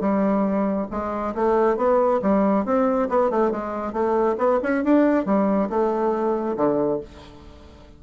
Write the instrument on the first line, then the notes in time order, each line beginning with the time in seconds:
bassoon
0.00 G3
0.91 G#3
1.35 A3
1.76 B3
2.22 G3
2.65 C4
3.09 B3
3.30 A3
3.51 G#3
3.92 A3
4.38 B3
4.62 C#4
4.84 D4
5.25 G3
5.69 A3
6.56 D3